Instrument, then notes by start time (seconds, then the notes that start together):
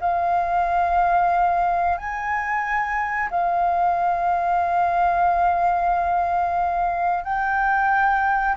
flute
0.00 F5
1.98 G#5
3.30 F5
7.24 G5